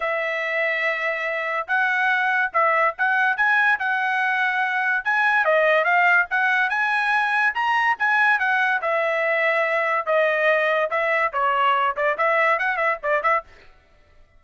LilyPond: \new Staff \with { instrumentName = "trumpet" } { \time 4/4 \tempo 4 = 143 e''1 | fis''2 e''4 fis''4 | gis''4 fis''2. | gis''4 dis''4 f''4 fis''4 |
gis''2 ais''4 gis''4 | fis''4 e''2. | dis''2 e''4 cis''4~ | cis''8 d''8 e''4 fis''8 e''8 d''8 e''8 | }